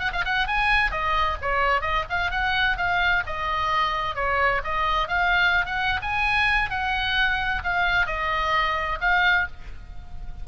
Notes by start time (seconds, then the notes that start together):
0.00 F#5
0.13 F5
0.25 F#5
0.48 G#5
0.91 D#5
1.42 C#5
1.82 D#5
2.10 F5
2.31 F#5
2.77 F5
3.27 D#5
4.16 C#5
4.64 D#5
5.08 F5
5.66 F#5
6.02 G#5
6.70 F#5
7.64 F5
8.07 D#5
9.01 F5